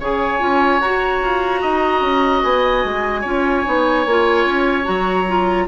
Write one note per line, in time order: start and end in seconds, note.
0.00 0.41 C#3
0.00 0.40 G#4
0.00 1.61 C#5
0.00 0.81 G#5
0.40 0.80 C#4
0.40 0.80 F4
0.80 1.21 F#4
0.80 3.25 F#4
0.80 2.43 A#5
1.23 1.63 F4
1.61 2.01 D#4
1.61 3.21 D#5
2.01 2.42 C#4
2.43 2.84 B3
2.43 4.85 G#5
2.84 3.25 G#3
3.21 3.65 C#4
3.21 3.65 F4
3.21 5.64 C#5
3.65 4.06 B3
3.65 4.06 D#4
4.06 4.46 A#3
4.06 4.83 F4
4.46 4.86 C#4
4.83 5.68 F#3
4.83 5.24 F#4
4.83 5.67 A#5
5.28 5.68 F4